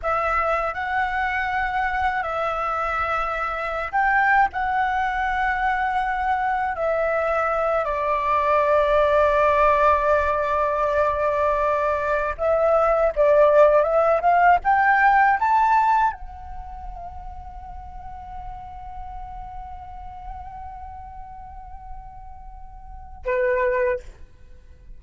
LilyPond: \new Staff \with { instrumentName = "flute" } { \time 4/4 \tempo 4 = 80 e''4 fis''2 e''4~ | e''4~ e''16 g''8. fis''2~ | fis''4 e''4. d''4.~ | d''1~ |
d''8 e''4 d''4 e''8 f''8 g''8~ | g''8 a''4 fis''2~ fis''8~ | fis''1~ | fis''2. b'4 | }